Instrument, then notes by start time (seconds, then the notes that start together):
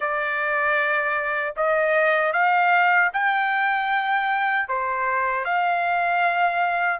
trumpet
0.00 D5
1.56 D#5
2.32 F5
3.13 G5
4.68 C5
5.44 F5